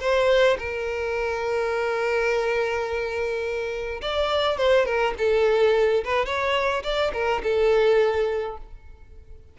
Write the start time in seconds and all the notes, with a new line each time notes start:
0.00 C5
0.59 A#4
4.02 D5
4.58 C5
4.86 A#4
5.18 A4
6.04 B4
6.26 C#5
6.83 D5
7.14 A#4
7.44 A4